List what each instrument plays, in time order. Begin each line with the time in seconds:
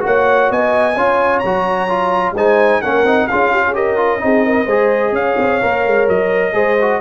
0.00 tuba A#3, trombone F#4, horn C#5, trumpet F#5
0.50 tuba B3, horn D#5, trumpet G#5
0.95 tuba C#4, trombone F4, horn C#5
1.39 tuba F#3, trumpet A#5
1.45 trombone F#4
1.89 trombone F4
2.32 tuba G#3, trombone D#4, horn C5, trumpet G#5
2.81 tuba A#3, trombone C#4, horn A#4, trumpet F#5
3.04 tuba C4, trombone D#4
3.27 tuba C#4, trombone F4, horn G#4, trumpet F5
3.52 horn G4
3.67 horn G#4
3.73 trombone G4, horn A#4, trumpet D#5
3.97 trombone F4
4.19 tuba C4, trombone D#4, horn G#4
4.46 horn A#4
4.65 tuba G#3, trombone G#4, horn C5
5.12 tuba C#4, horn C#5, trumpet F5
5.38 tuba C4
5.61 tuba A#3, trombone A#4
5.86 tuba G#3
6.08 tuba F#3, trumpet D#5
6.53 tuba G#3, trombone G#4, horn C5
6.81 trombone F#4